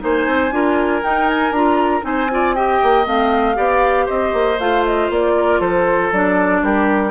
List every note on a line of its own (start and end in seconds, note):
0.00 0.27 A#3
0.00 0.51 D#4
0.00 0.54 C5
0.00 1.04 G#5
0.27 0.52 C4
0.52 1.03 D4
0.52 1.02 F4
0.52 2.06 A#4
1.03 1.53 D#4
1.03 1.51 D#4
1.03 1.29 G5
1.29 1.53 G#5
1.51 2.02 D4
1.51 2.01 F4
1.51 2.04 A#5
2.01 2.80 C4
2.01 2.27 D#4
2.01 2.31 C5
2.01 2.55 G#5
2.31 2.56 F4
2.31 2.55 D5
2.55 3.05 G4
2.55 3.57 D#5
2.55 3.06 G5
2.83 3.07 A#3
3.05 3.57 A3
3.05 3.55 C4
3.05 4.08 F5
3.55 4.08 B3
3.55 4.56 G4
3.55 4.06 D5
4.06 4.33 C4
4.06 5.33 C5
4.06 4.59 D#5
4.33 4.58 A#3
4.59 5.10 A3
4.59 6.13 F4
4.59 4.85 F5
4.85 5.11 D#5
5.10 5.60 A#3
5.10 5.61 D5
5.37 5.60 A#4
5.60 6.11 F3
5.60 6.62 A4
5.60 6.12 C5
6.12 6.62 F#3
6.12 7.11 D4
6.12 6.64 D5
6.62 7.11 G3
6.62 7.11 G4
6.62 7.11 A#4